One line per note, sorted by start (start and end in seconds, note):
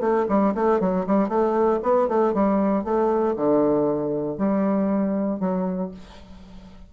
0.00 0.26 A3
0.28 0.54 G3
0.54 0.80 A3
0.80 1.06 F#3
1.06 1.28 G3
1.28 1.79 A3
1.82 2.08 B3
2.08 2.33 A3
2.34 2.84 G3
2.84 3.35 A3
3.36 4.37 D3
4.37 5.39 G3
5.39 5.91 F#3